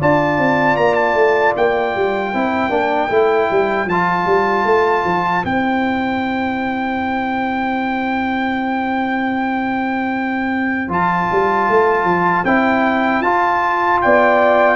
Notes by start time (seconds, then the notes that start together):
0.00 D4 F4 D5 A5
0.38 C4
0.77 A#3 A#5
0.94 A5
1.14 A3
1.57 A#3 G5
1.96 G3
2.30 C4 E4 C5
2.69 A#3 D4
3.09 A3 E4
3.51 G3
3.86 F3 F4 A5
4.26 G3
4.65 A3
5.05 F3
5.44 C4 E4 G5
10.88 F3 F4 A5
11.31 G3
11.69 A3
12.04 F3
12.44 C4 E4 G5
13.21 F4 A5
14.02 B3 D5 G5